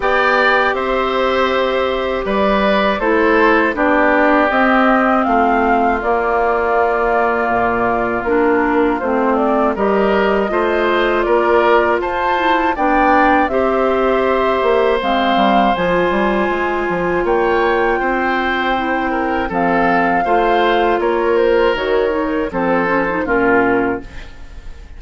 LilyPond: <<
  \new Staff \with { instrumentName = "flute" } { \time 4/4 \tempo 4 = 80 g''4 e''2 d''4 | c''4 d''4 dis''4 f''4 | d''2. ais'4 | c''8 d''8 dis''2 d''4 |
a''4 g''4 e''2 | f''4 gis''2 g''4~ | g''2 f''2 | cis''8 c''8 cis''4 c''4 ais'4 | }
  \new Staff \with { instrumentName = "oboe" } { \time 4/4 d''4 c''2 b'4 | a'4 g'2 f'4~ | f'1~ | f'4 ais'4 c''4 ais'4 |
c''4 d''4 c''2~ | c''2. cis''4 | c''4. ais'8 a'4 c''4 | ais'2 a'4 f'4 | }
  \new Staff \with { instrumentName = "clarinet" } { \time 4/4 g'1 | e'4 d'4 c'2 | ais2. d'4 | c'4 g'4 f'2~ |
f'8 e'8 d'4 g'2 | c'4 f'2.~ | f'4 e'4 c'4 f'4~ | f'4 fis'8 dis'8 c'8 cis'16 dis'16 cis'4 | }
  \new Staff \with { instrumentName = "bassoon" } { \time 4/4 b4 c'2 g4 | a4 b4 c'4 a4 | ais2 ais,4 ais4 | a4 g4 a4 ais4 |
f'4 b4 c'4. ais8 | gis8 g8 f8 g8 gis8 f8 ais4 | c'2 f4 a4 | ais4 dis4 f4 ais,4 | }
>>